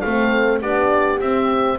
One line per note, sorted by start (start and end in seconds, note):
0.00 0.61 A3
0.00 0.61 C4
0.00 0.61 A4
0.00 0.58 F5
0.61 1.20 B3
0.61 1.20 D4
0.61 1.77 G4
0.61 1.20 D5
1.20 1.78 C4
1.20 1.78 E5